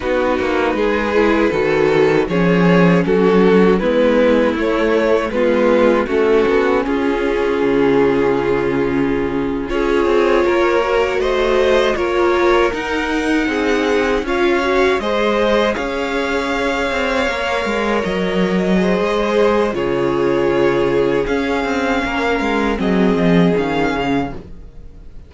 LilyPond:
<<
  \new Staff \with { instrumentName = "violin" } { \time 4/4 \tempo 4 = 79 b'2. cis''4 | a'4 b'4 cis''4 b'4 | a'4 gis'2.~ | gis'8. cis''2 dis''4 cis''16~ |
cis''8. fis''2 f''4 dis''16~ | dis''8. f''2. dis''16~ | dis''2 cis''2 | f''2 dis''4 f''4 | }
  \new Staff \with { instrumentName = "violin" } { \time 4/4 fis'4 gis'4 a'4 gis'4 | fis'4 e'2 f'4 | fis'4 f'2.~ | f'8. gis'4 ais'4 c''4 ais'16~ |
ais'4.~ ais'16 gis'4 cis''4 c''16~ | c''8. cis''2.~ cis''16~ | cis''8. c''4~ c''16 gis'2~ | gis'4 ais'4 gis'2 | }
  \new Staff \with { instrumentName = "viola" } { \time 4/4 dis'4. e'8 fis'4 cis'4~ | cis'4 b4 a4 b4 | cis'1~ | cis'8. f'4. fis'4. f'16~ |
f'8. dis'2 f'8 fis'8 gis'16~ | gis'2~ gis'8. ais'4~ ais'16~ | ais'8. gis'4~ gis'16 f'2 | cis'2 c'4 cis'4 | }
  \new Staff \with { instrumentName = "cello" } { \time 4/4 b8 ais8 gis4 dis4 f4 | fis4 gis4 a4 gis4 | a8 b8 cis'4 cis2~ | cis8. cis'8 c'8 ais4 a4 ais16~ |
ais8. dis'4 c'4 cis'4 gis16~ | gis8. cis'4. c'8 ais8 gis8 fis16~ | fis4 gis4 cis2 | cis'8 c'8 ais8 gis8 fis8 f8 dis8 cis8 | }
>>